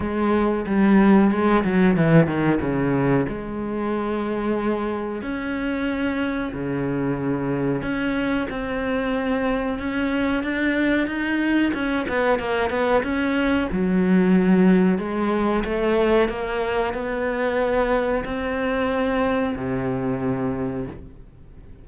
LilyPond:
\new Staff \with { instrumentName = "cello" } { \time 4/4 \tempo 4 = 92 gis4 g4 gis8 fis8 e8 dis8 | cis4 gis2. | cis'2 cis2 | cis'4 c'2 cis'4 |
d'4 dis'4 cis'8 b8 ais8 b8 | cis'4 fis2 gis4 | a4 ais4 b2 | c'2 c2 | }